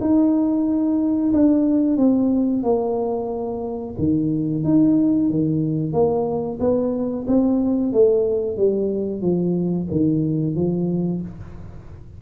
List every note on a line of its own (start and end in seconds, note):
0.00 1.32 D#4
1.32 1.97 D4
1.97 2.63 C4
2.63 3.95 A#3
3.98 4.63 D#3
4.63 5.29 D#4
5.30 5.92 D#3
5.92 6.58 A#3
6.59 7.25 B3
7.27 7.92 C4
7.92 8.57 A3
8.57 9.21 G3
9.21 9.87 F3
9.91 10.55 D#3
10.55 11.21 F3